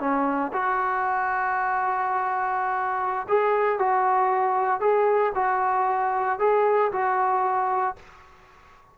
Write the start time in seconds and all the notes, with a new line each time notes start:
0.00 C#4
0.53 F#4
3.29 G#4
3.79 F#4
4.81 G#4
5.35 F#4
6.40 G#4
6.92 F#4